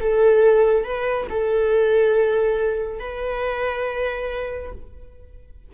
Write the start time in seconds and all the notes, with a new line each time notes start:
0.00 A4
0.84 B4
1.29 A4
2.99 B4